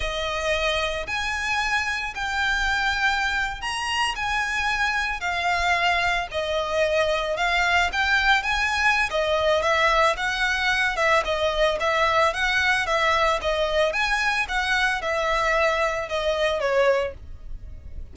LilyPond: \new Staff \with { instrumentName = "violin" } { \time 4/4 \tempo 4 = 112 dis''2 gis''2 | g''2~ g''8. ais''4 gis''16~ | gis''4.~ gis''16 f''2 dis''16~ | dis''4.~ dis''16 f''4 g''4 gis''16~ |
gis''4 dis''4 e''4 fis''4~ | fis''8 e''8 dis''4 e''4 fis''4 | e''4 dis''4 gis''4 fis''4 | e''2 dis''4 cis''4 | }